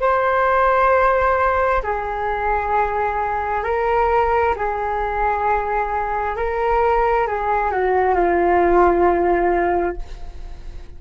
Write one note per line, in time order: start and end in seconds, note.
0.00 1.82 C5
1.83 3.63 G#4
3.63 4.54 A#4
4.56 6.36 G#4
6.36 7.27 A#4
7.27 7.71 G#4
7.71 8.14 F#4
8.14 9.96 F4